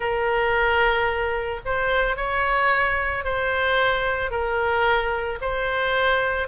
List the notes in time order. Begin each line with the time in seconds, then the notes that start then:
0.00 A#4
1.65 C5
2.16 C#5
3.24 C5
4.30 A#4
5.41 C5